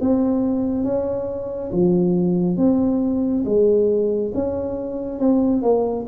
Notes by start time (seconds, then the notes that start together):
0.00 C4
0.84 C#4
1.72 F3
2.57 C4
3.45 G#3
4.34 C#4
5.19 C4
5.62 A#3